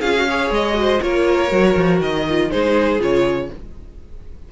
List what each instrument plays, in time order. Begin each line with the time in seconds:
0.00 cello C#4, viola F4, violin G#4 F5
0.16 viola F#4
0.29 viola G#4, violin C#5
0.50 cello G#3, violin D#5
0.74 viola F#4
0.81 violin C5
1.01 cello A#3, viola F4, violin A#4 C#5
1.49 cello F#3, viola F#4
1.77 cello F3
2.00 cello D#3, violin D#5
2.29 viola F4
2.50 cello G#3, viola D#4, violin G#4 C5
2.99 cello C#3, viola F4, violin C#5